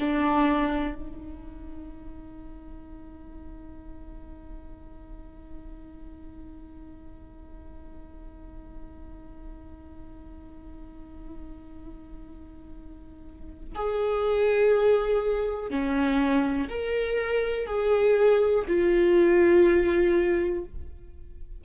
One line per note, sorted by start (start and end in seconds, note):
0.00 0.95 D4
0.95 13.74 D#4
13.76 15.71 G#4
15.71 16.69 C#4
16.69 17.67 A#4
17.67 18.65 G#4
18.68 20.65 F4